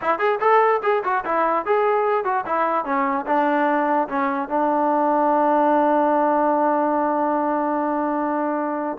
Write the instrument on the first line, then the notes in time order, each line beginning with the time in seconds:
trombone
0.01 E4
0.18 G#4
0.40 A4
0.82 G#4
1.04 F#4
1.24 E4
1.65 G#4
2.24 F#4
2.46 E4
2.84 C#4
3.26 D4
4.08 C#4
4.48 D4